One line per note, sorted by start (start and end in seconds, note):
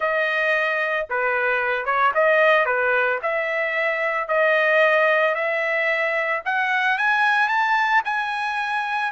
0.00 1.07 D#5
1.09 1.85 B4
1.85 2.12 C#5
2.14 2.65 D#5
2.65 3.19 B4
3.22 4.27 E5
4.27 5.34 D#5
5.34 6.42 E5
6.45 6.98 F#5
6.98 7.48 G#5
7.48 8.02 A5
8.04 9.11 G#5